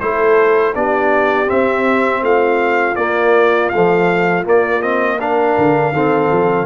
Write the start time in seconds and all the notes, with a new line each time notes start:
0.00 A3 E4 A4 C5
0.75 B3 D4 G4 D5
1.46 C4 E5
2.22 A3 F4 F5
2.96 A#3 D5
3.69 F3 A3 F5
4.44 A#3 D5
4.81 C4 D#5
5.19 D4 A#4 F5
5.58 D3
5.92 D#3 C4 A4
6.32 F3